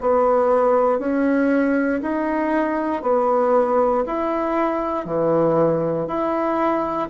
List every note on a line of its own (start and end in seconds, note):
0.00 0.99 B3
0.99 2.01 C#4
2.02 3.02 D#4
3.02 4.04 B3
4.06 5.05 E4
5.05 6.07 E3
6.07 7.09 E4